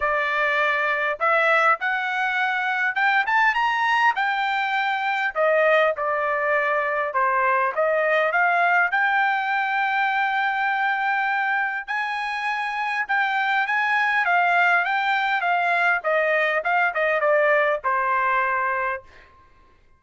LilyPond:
\new Staff \with { instrumentName = "trumpet" } { \time 4/4 \tempo 4 = 101 d''2 e''4 fis''4~ | fis''4 g''8 a''8 ais''4 g''4~ | g''4 dis''4 d''2 | c''4 dis''4 f''4 g''4~ |
g''1 | gis''2 g''4 gis''4 | f''4 g''4 f''4 dis''4 | f''8 dis''8 d''4 c''2 | }